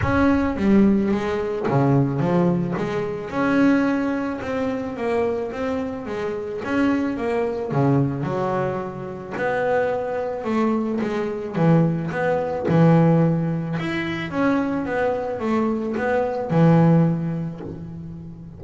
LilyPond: \new Staff \with { instrumentName = "double bass" } { \time 4/4 \tempo 4 = 109 cis'4 g4 gis4 cis4 | f4 gis4 cis'2 | c'4 ais4 c'4 gis4 | cis'4 ais4 cis4 fis4~ |
fis4 b2 a4 | gis4 e4 b4 e4~ | e4 e'4 cis'4 b4 | a4 b4 e2 | }